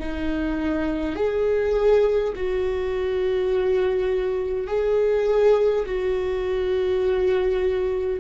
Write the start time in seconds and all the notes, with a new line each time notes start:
0.00 D#4
1.16 G#4
2.36 F#4
4.68 G#4
5.86 F#4